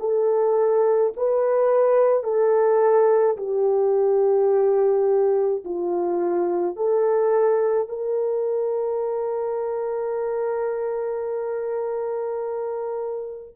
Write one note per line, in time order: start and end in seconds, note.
0.00 1.13 A4
1.17 2.23 B4
2.23 3.37 A4
3.38 5.64 G4
5.65 6.76 F4
6.76 7.89 A4
7.89 13.55 A#4